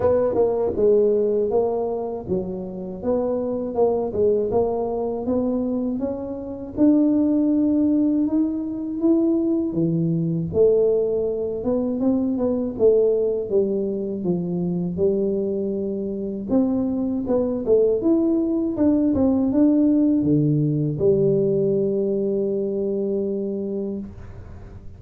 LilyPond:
\new Staff \with { instrumentName = "tuba" } { \time 4/4 \tempo 4 = 80 b8 ais8 gis4 ais4 fis4 | b4 ais8 gis8 ais4 b4 | cis'4 d'2 dis'4 | e'4 e4 a4. b8 |
c'8 b8 a4 g4 f4 | g2 c'4 b8 a8 | e'4 d'8 c'8 d'4 d4 | g1 | }